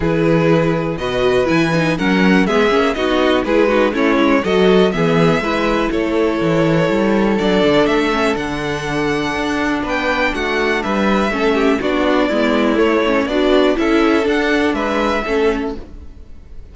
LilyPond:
<<
  \new Staff \with { instrumentName = "violin" } { \time 4/4 \tempo 4 = 122 b'2 dis''4 gis''4 | fis''4 e''4 dis''4 b'4 | cis''4 dis''4 e''2 | cis''2. d''4 |
e''4 fis''2. | g''4 fis''4 e''2 | d''2 cis''4 d''4 | e''4 fis''4 e''2 | }
  \new Staff \with { instrumentName = "violin" } { \time 4/4 gis'2 b'2 | ais'4 gis'4 fis'4 gis'8 fis'8 | e'4 a'4 gis'4 b'4 | a'1~ |
a'1 | b'4 fis'4 b'4 a'8 g'8 | fis'4 e'2 d'4 | a'2 b'4 a'4 | }
  \new Staff \with { instrumentName = "viola" } { \time 4/4 e'2 fis'4 e'8 dis'8 | cis'4 b8 cis'8 dis'4 e'8 dis'8 | cis'4 fis'4 b4 e'4~ | e'2. d'4~ |
d'8 cis'8 d'2.~ | d'2. cis'4 | d'4 b4 a8 cis'8 fis'4 | e'4 d'2 cis'4 | }
  \new Staff \with { instrumentName = "cello" } { \time 4/4 e2 b,4 e4 | fis4 gis8 ais8 b4 gis4 | a8 gis8 fis4 e4 gis4 | a4 e4 g4 fis8 d8 |
a4 d2 d'4 | b4 a4 g4 a4 | b4 gis4 a4 b4 | cis'4 d'4 gis4 a4 | }
>>